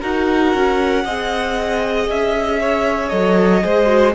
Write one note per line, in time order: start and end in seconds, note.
0.00 0.53 D#4
0.00 1.05 F#4
0.00 1.03 A#4
0.00 2.09 F#5
0.53 1.05 C#4
1.04 2.08 C4
1.04 3.09 G#4
1.04 2.59 D#5
2.08 3.11 C#4
2.08 3.08 E5
2.60 3.63 C#5
3.08 3.63 F#3
3.08 3.60 A4
3.08 4.12 D#5
3.60 4.15 G#3
3.60 3.85 G#4
3.60 4.15 C5
3.85 4.11 F#4